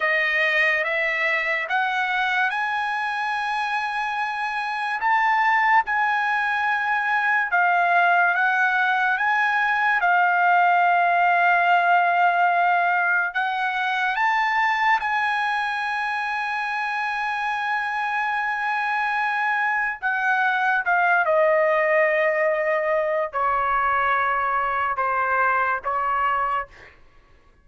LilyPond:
\new Staff \with { instrumentName = "trumpet" } { \time 4/4 \tempo 4 = 72 dis''4 e''4 fis''4 gis''4~ | gis''2 a''4 gis''4~ | gis''4 f''4 fis''4 gis''4 | f''1 |
fis''4 a''4 gis''2~ | gis''1 | fis''4 f''8 dis''2~ dis''8 | cis''2 c''4 cis''4 | }